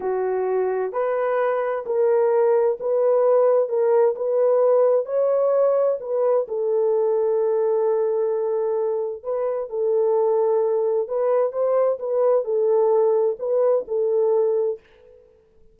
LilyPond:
\new Staff \with { instrumentName = "horn" } { \time 4/4 \tempo 4 = 130 fis'2 b'2 | ais'2 b'2 | ais'4 b'2 cis''4~ | cis''4 b'4 a'2~ |
a'1 | b'4 a'2. | b'4 c''4 b'4 a'4~ | a'4 b'4 a'2 | }